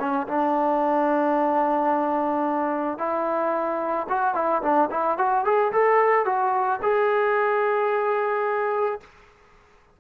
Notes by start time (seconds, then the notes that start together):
0.00 C#4
0.28 D4
2.98 E4
4.09 F#4
4.35 E4
4.62 D4
4.91 E4
5.18 F#4
5.45 G#4
5.72 A4
6.26 F#4
6.82 G#4